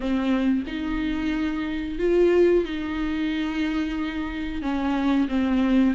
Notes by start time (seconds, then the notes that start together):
0.00 C4
0.67 D#4
1.98 F4
2.64 D#4
4.62 C#4
5.28 C4